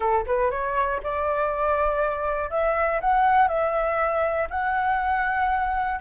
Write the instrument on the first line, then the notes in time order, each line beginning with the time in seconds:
flute
0.00 A4
0.26 B4
0.50 C#5
1.02 D5
2.50 E5
3.00 F#5
3.47 E5
4.50 F#5